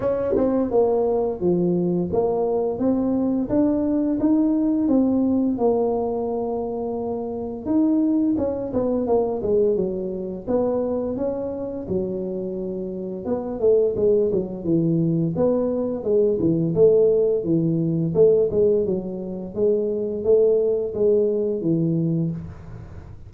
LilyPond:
\new Staff \with { instrumentName = "tuba" } { \time 4/4 \tempo 4 = 86 cis'8 c'8 ais4 f4 ais4 | c'4 d'4 dis'4 c'4 | ais2. dis'4 | cis'8 b8 ais8 gis8 fis4 b4 |
cis'4 fis2 b8 a8 | gis8 fis8 e4 b4 gis8 e8 | a4 e4 a8 gis8 fis4 | gis4 a4 gis4 e4 | }